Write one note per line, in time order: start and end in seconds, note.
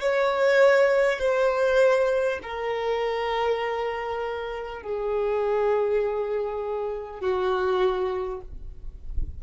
0.00 1.18 C#5
1.18 2.38 C5
2.42 4.82 A#4
4.82 7.21 G#4
7.21 8.41 F#4